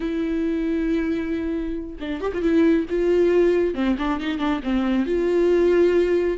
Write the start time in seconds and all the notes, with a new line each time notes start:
0.00 E4
2.00 D4
2.21 G4
2.33 F4
2.42 E4
2.89 F4
3.74 C4
3.98 D4
4.20 D#4
4.38 D4
4.63 C4
5.06 F4